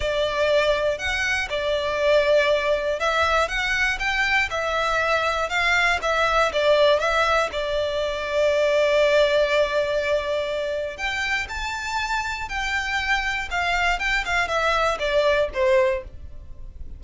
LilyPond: \new Staff \with { instrumentName = "violin" } { \time 4/4 \tempo 4 = 120 d''2 fis''4 d''4~ | d''2 e''4 fis''4 | g''4 e''2 f''4 | e''4 d''4 e''4 d''4~ |
d''1~ | d''2 g''4 a''4~ | a''4 g''2 f''4 | g''8 f''8 e''4 d''4 c''4 | }